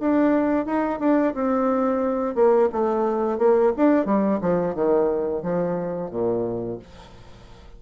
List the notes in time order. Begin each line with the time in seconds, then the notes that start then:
0.00 D4
0.66 D#4
1.00 D4
1.34 C4
2.35 A#3
2.72 A3
3.38 A#3
3.77 D4
4.05 G3
4.41 F3
4.75 D#3
5.43 F3
6.11 A#2